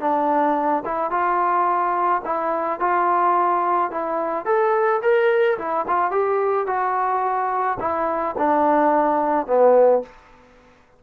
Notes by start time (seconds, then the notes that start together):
0.00 D4
0.85 E4
1.11 F4
2.25 E4
2.80 F4
3.91 E4
4.45 A4
5.02 A#4
5.58 E4
5.87 F4
6.11 G4
6.66 F#4
7.80 E4
8.37 D4
9.46 B3